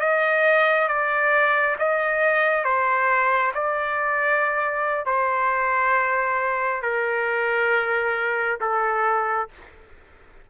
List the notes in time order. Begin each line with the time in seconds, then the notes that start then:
0.00 D#5
0.88 D5
1.78 D#5
2.64 C5
3.54 D5
5.05 C5
6.81 A#4
8.60 A4